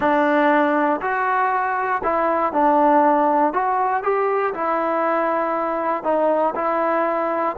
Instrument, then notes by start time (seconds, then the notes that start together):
trombone
0.00 D4
1.01 F#4
2.03 E4
2.52 D4
3.53 F#4
4.03 G4
4.54 E4
6.03 D#4
6.55 E4